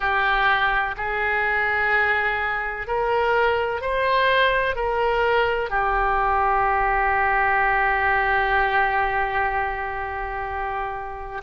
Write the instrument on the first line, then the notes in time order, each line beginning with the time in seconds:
oboe
0.00 G4
0.97 G#4
2.87 A#4
3.81 C5
4.75 A#4
5.70 G4